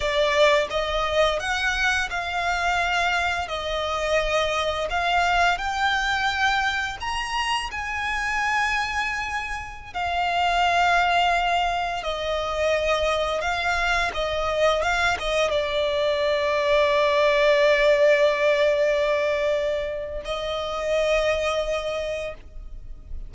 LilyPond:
\new Staff \with { instrumentName = "violin" } { \time 4/4 \tempo 4 = 86 d''4 dis''4 fis''4 f''4~ | f''4 dis''2 f''4 | g''2 ais''4 gis''4~ | gis''2~ gis''16 f''4.~ f''16~ |
f''4~ f''16 dis''2 f''8.~ | f''16 dis''4 f''8 dis''8 d''4.~ d''16~ | d''1~ | d''4 dis''2. | }